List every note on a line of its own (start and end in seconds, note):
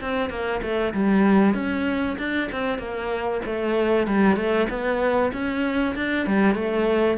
0.00 0.29 C4
0.29 0.61 A#3
0.62 0.93 A3
0.93 1.54 G3
1.54 2.16 C#4
2.18 2.49 D4
2.51 2.78 C4
2.78 3.41 A#3
3.45 4.07 A3
4.07 4.36 G3
4.36 4.67 A3
4.69 5.32 B3
5.32 5.95 C#4
5.95 6.26 D4
6.26 6.54 G3
6.54 7.17 A3